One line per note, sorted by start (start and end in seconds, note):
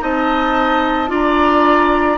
0.00 1.10 C4
0.00 1.07 D#4
0.00 1.10 D#5
0.00 1.12 A5
1.07 2.17 D4
1.07 2.16 F4
1.07 2.17 D5
1.13 2.17 A#5